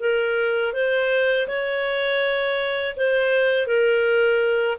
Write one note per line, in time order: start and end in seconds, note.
0.00 0.73 A#4
0.73 1.47 C5
1.47 2.96 C#5
2.96 3.67 C5
3.67 4.78 A#4